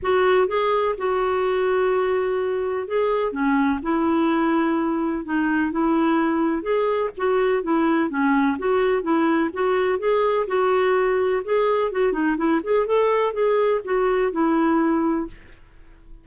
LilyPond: \new Staff \with { instrumentName = "clarinet" } { \time 4/4 \tempo 4 = 126 fis'4 gis'4 fis'2~ | fis'2 gis'4 cis'4 | e'2. dis'4 | e'2 gis'4 fis'4 |
e'4 cis'4 fis'4 e'4 | fis'4 gis'4 fis'2 | gis'4 fis'8 dis'8 e'8 gis'8 a'4 | gis'4 fis'4 e'2 | }